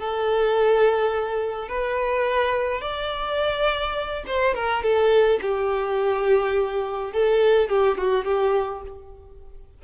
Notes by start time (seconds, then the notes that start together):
0.00 A4
1.69 B4
2.82 D5
4.27 C5
4.55 A#4
4.83 A4
5.42 G4
7.13 A4
7.70 G4
7.98 F#4
8.25 G4